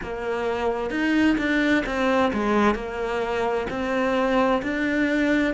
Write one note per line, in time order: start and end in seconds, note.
0.03 0.90 A#3
0.90 1.36 D#4
1.38 1.84 D4
1.85 2.32 C4
2.33 2.74 G#3
2.74 3.67 A#3
3.69 4.62 C4
4.62 5.54 D4